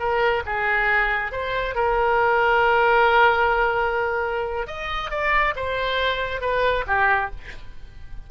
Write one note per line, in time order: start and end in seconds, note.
0.00 0.43 A#4
0.46 1.32 G#4
1.32 1.76 C5
1.76 4.68 A#4
4.68 5.11 D#5
5.11 5.55 D5
5.56 6.42 C5
6.42 6.85 B4
6.88 7.31 G4